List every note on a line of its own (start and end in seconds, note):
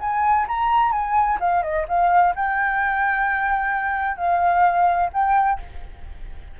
0.00 0.47 G#5
0.48 0.92 A#5
0.92 1.38 G#5
1.40 1.62 F5
1.62 1.86 D#5
1.88 2.35 F5
2.36 4.17 G5
4.17 5.10 F5
5.13 5.60 G5